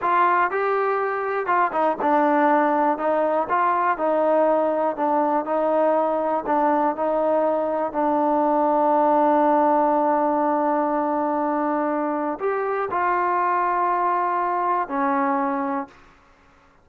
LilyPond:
\new Staff \with { instrumentName = "trombone" } { \time 4/4 \tempo 4 = 121 f'4 g'2 f'8 dis'8 | d'2 dis'4 f'4 | dis'2 d'4 dis'4~ | dis'4 d'4 dis'2 |
d'1~ | d'1~ | d'4 g'4 f'2~ | f'2 cis'2 | }